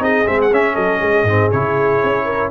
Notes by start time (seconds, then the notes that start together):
0.00 C4 D#4 G#4 D#5
0.26 G#3 C4 E5
0.42 F#5
0.53 C#4 E5
0.74 F#3 A4 D#5
1.01 G#3 G#4
1.23 G#2 C4
1.52 C#3 E4 C#5
2.04 C#4
2.25 A#4